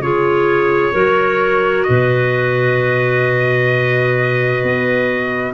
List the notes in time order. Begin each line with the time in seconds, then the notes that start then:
0.00 C#3 F4 G#4 C#5
0.93 F#3 F#4 A#4
1.84 B2 B4 D#5
4.63 B3